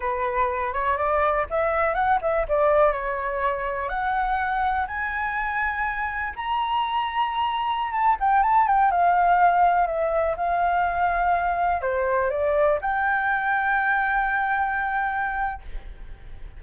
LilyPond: \new Staff \with { instrumentName = "flute" } { \time 4/4 \tempo 4 = 123 b'4. cis''8 d''4 e''4 | fis''8 e''8 d''4 cis''2 | fis''2 gis''2~ | gis''4 ais''2.~ |
ais''16 a''8 g''8 a''8 g''8 f''4.~ f''16~ | f''16 e''4 f''2~ f''8.~ | f''16 c''4 d''4 g''4.~ g''16~ | g''1 | }